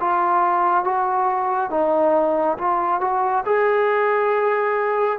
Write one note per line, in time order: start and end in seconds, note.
0.00 0.84 F4
0.84 1.70 F#4
1.70 2.57 D#4
2.58 3.00 F4
3.00 3.44 F#4
3.45 5.19 G#4